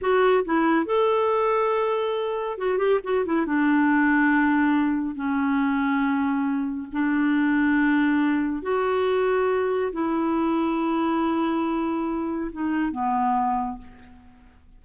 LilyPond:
\new Staff \with { instrumentName = "clarinet" } { \time 4/4 \tempo 4 = 139 fis'4 e'4 a'2~ | a'2 fis'8 g'8 fis'8 e'8 | d'1 | cis'1 |
d'1 | fis'2. e'4~ | e'1~ | e'4 dis'4 b2 | }